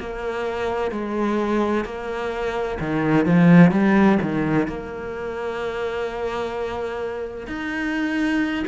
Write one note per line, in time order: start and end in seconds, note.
0.00 0.92 A#3
0.92 1.85 G#3
1.85 2.79 A#3
2.80 3.26 D#3
3.26 3.72 F3
3.72 4.18 G3
4.22 4.68 D#3
4.68 7.47 A#3
7.47 8.65 D#4